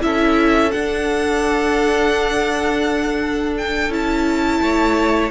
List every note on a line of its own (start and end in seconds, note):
0.00 0.73 C#4
0.00 0.71 E4
0.00 4.62 A4
0.00 0.71 E5
0.71 3.90 D4
0.71 3.89 D4
0.71 3.54 F#5
3.57 3.92 G5
3.89 4.60 C#4
3.89 5.30 E4
3.89 5.30 A5
4.62 5.30 A3
4.62 5.30 C#5